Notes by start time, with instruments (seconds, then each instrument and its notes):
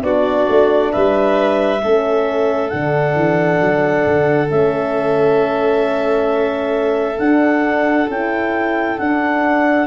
0.00 tuba B3, horn D4, violin F#4, clarinet D5
0.49 tuba A3
0.92 tuba G3, violin B4, clarinet E5
1.82 tuba A3, horn C#4, violin A4
2.69 tuba D3, horn D4, clarinet F#5
3.15 tuba E3
3.61 tuba F#3
4.06 tuba D3
4.48 tuba A3, horn C#4, clarinet E5
7.18 tuba D4, horn D4, clarinet F#5
8.08 tuba C#4, horn E4, clarinet G5
8.98 horn D4, tuba D4, clarinet F#5